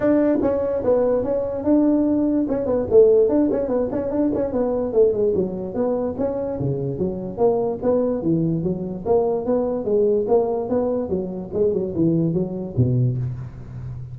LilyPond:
\new Staff \with { instrumentName = "tuba" } { \time 4/4 \tempo 4 = 146 d'4 cis'4 b4 cis'4 | d'2 cis'8 b8 a4 | d'8 cis'8 b8 cis'8 d'8 cis'8 b4 | a8 gis8 fis4 b4 cis'4 |
cis4 fis4 ais4 b4 | e4 fis4 ais4 b4 | gis4 ais4 b4 fis4 | gis8 fis8 e4 fis4 b,4 | }